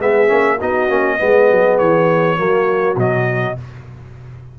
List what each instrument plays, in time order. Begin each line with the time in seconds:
0.00 tuba G#3, trombone B3, horn G#4, trumpet E5
0.28 tuba A#3, trombone C#4
0.58 tuba B3, trombone D#4, horn F#4, trumpet D#5
0.89 tuba A#3, trombone C#4
1.19 tuba G#3, trombone B3, horn G#4
1.51 tuba F#3
1.79 tuba E3, trumpet C#5
2.37 tuba F#3, trombone A#3, horn F#4
2.96 tuba B2, trombone F#3, trumpet D#5